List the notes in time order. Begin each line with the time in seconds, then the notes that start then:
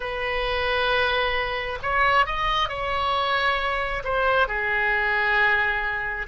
0.00 B4
1.82 C#5
2.26 D#5
2.68 C#5
4.04 C5
4.47 G#4